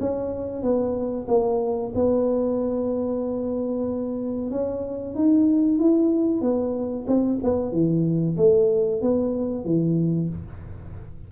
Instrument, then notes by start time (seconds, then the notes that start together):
tuba
0.00 C#4
0.62 B3
1.28 A#3
1.95 B3
4.51 C#4
5.15 D#4
5.79 E4
6.41 B3
7.07 C4
7.43 B3
7.72 E3
8.37 A3
9.02 B3
9.65 E3